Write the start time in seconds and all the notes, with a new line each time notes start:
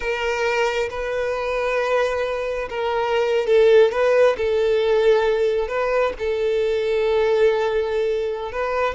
0.00 A#4
0.90 B4
2.69 A#4
3.46 A4
3.91 B4
4.37 A4
5.68 B4
6.18 A4
8.52 B4